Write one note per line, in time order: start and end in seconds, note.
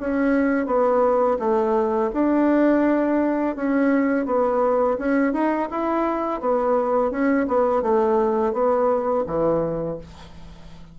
0.00 0.66 C#4
0.66 1.37 B3
1.39 2.10 A3
2.13 3.56 D4
3.56 4.26 C#4
4.26 4.97 B3
4.98 5.32 C#4
5.32 5.68 D#4
5.70 6.40 E4
6.40 7.10 B3
7.10 7.46 C#4
7.47 7.82 B3
7.82 8.53 A3
8.53 9.24 B3
9.26 9.97 E3